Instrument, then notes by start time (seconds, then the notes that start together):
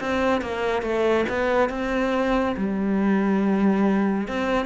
cello
0.00 C4
0.41 A#3
0.82 A3
1.29 B3
1.69 C4
2.56 G3
4.27 C4